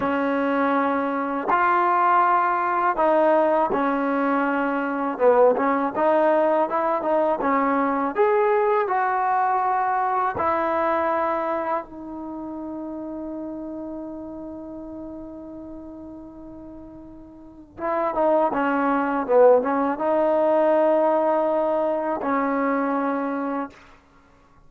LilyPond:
\new Staff \with { instrumentName = "trombone" } { \time 4/4 \tempo 4 = 81 cis'2 f'2 | dis'4 cis'2 b8 cis'8 | dis'4 e'8 dis'8 cis'4 gis'4 | fis'2 e'2 |
dis'1~ | dis'1 | e'8 dis'8 cis'4 b8 cis'8 dis'4~ | dis'2 cis'2 | }